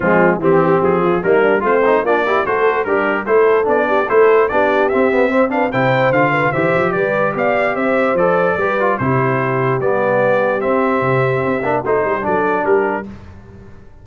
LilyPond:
<<
  \new Staff \with { instrumentName = "trumpet" } { \time 4/4 \tempo 4 = 147 f'4 g'4 gis'4 ais'4 | c''4 d''4 c''4 ais'4 | c''4 d''4 c''4 d''4 | e''4. f''8 g''4 f''4 |
e''4 d''4 f''4 e''4 | d''2 c''2 | d''2 e''2~ | e''4 c''4 d''4 ais'4 | }
  \new Staff \with { instrumentName = "horn" } { \time 4/4 c'4 g'4. f'8 dis'8 d'8 | c'4 f'8 g'8 a'4 d'4 | a'4. g'8 a'4 g'4~ | g'4 c''8 b'8 c''4. b'8 |
c''4 b'4 d''4 c''4~ | c''4 b'4 g'2~ | g'1~ | g'4 fis'8 g'8 a'4 g'4 | }
  \new Staff \with { instrumentName = "trombone" } { \time 4/4 gis4 c'2 ais4 | f'8 dis'8 d'8 e'8 fis'4 g'4 | e'4 d'4 e'4 d'4 | c'8 b8 c'8 d'8 e'4 f'4 |
g'1 | a'4 g'8 f'8 e'2 | b2 c'2~ | c'8 d'8 dis'4 d'2 | }
  \new Staff \with { instrumentName = "tuba" } { \time 4/4 f4 e4 f4 g4 | a4 ais4 a4 g4 | a4 b4 a4 b4 | c'2 c4 d4 |
e8 f8 g4 b4 c'4 | f4 g4 c2 | g2 c'4 c4 | c'8 ais8 a8 g8 fis4 g4 | }
>>